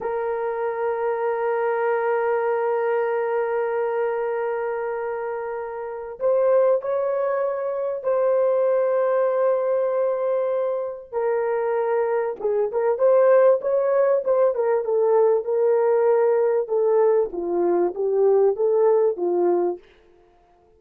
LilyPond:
\new Staff \with { instrumentName = "horn" } { \time 4/4 \tempo 4 = 97 ais'1~ | ais'1~ | ais'2 c''4 cis''4~ | cis''4 c''2.~ |
c''2 ais'2 | gis'8 ais'8 c''4 cis''4 c''8 ais'8 | a'4 ais'2 a'4 | f'4 g'4 a'4 f'4 | }